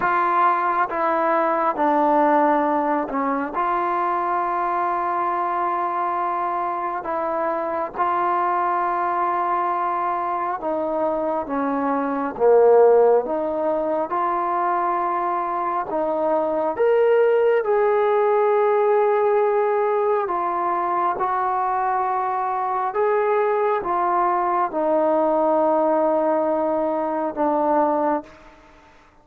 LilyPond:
\new Staff \with { instrumentName = "trombone" } { \time 4/4 \tempo 4 = 68 f'4 e'4 d'4. cis'8 | f'1 | e'4 f'2. | dis'4 cis'4 ais4 dis'4 |
f'2 dis'4 ais'4 | gis'2. f'4 | fis'2 gis'4 f'4 | dis'2. d'4 | }